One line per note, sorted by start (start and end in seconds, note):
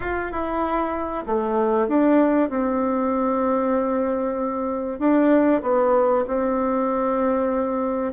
0.00 0.31 F4
0.31 1.25 E4
1.26 1.88 A3
1.88 2.49 D4
2.49 4.99 C4
4.99 5.61 D4
5.62 6.24 B3
6.27 8.13 C4